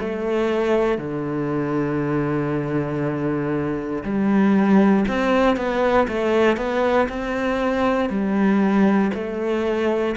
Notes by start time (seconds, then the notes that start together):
0.00 A3
0.98 D3
4.04 G3
5.08 C4
5.57 B3
6.08 A3
6.57 B3
7.09 C4
8.10 G3
9.14 A3